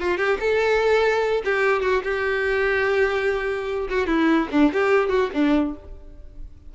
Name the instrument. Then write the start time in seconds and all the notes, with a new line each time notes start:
violin
0.00 F4
0.18 G4
0.41 A4
1.45 G4
1.83 F#4
2.04 G4
3.90 F#4
4.07 E4
4.52 D4
4.73 G4
5.10 F#4
5.34 D4